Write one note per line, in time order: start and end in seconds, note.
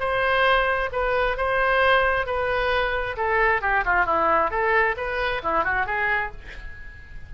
0.00 0.90 C5
0.92 1.37 B4
1.37 2.26 C5
2.26 3.17 B4
3.17 3.62 A4
3.62 3.84 G4
3.86 4.06 F4
4.06 4.51 E4
4.51 4.96 A4
4.97 5.42 B4
5.43 5.65 E4
5.65 5.86 F#4
5.86 6.32 G#4